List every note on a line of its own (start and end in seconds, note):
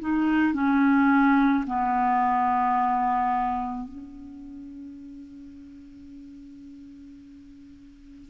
0.00 0.54 D#4
0.54 1.65 C#4
1.67 3.89 B3
3.89 8.30 C#4